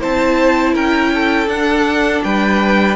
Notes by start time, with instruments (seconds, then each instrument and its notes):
0.00 cello C4, viola E4, violin C5 A5
0.74 cello C#4, violin A#4 G5
1.14 violin A4
1.47 cello D4, viola D4, violin F#5
2.23 cello G3, violin B4 G5